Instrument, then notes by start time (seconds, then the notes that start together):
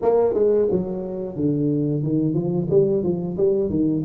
tuba
0.02 A#3
0.34 G#3
0.71 F#3
1.35 D3
2.03 D#3
2.34 F3
2.70 G3
3.03 F3
3.37 G3
3.69 D#3